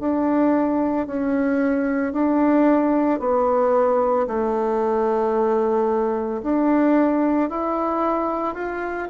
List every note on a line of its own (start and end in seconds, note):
0.00 1.07 D4
1.07 2.13 C#4
2.13 3.20 D4
3.20 4.27 B3
4.28 6.42 A3
6.43 7.50 D4
7.50 8.55 E4
8.55 9.08 F4